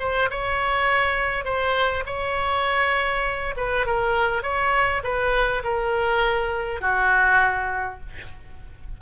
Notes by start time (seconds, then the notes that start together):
0.00 C5
0.31 C#5
1.45 C5
2.06 C#5
3.57 B4
3.86 A#4
4.43 C#5
5.04 B4
5.64 A#4
6.81 F#4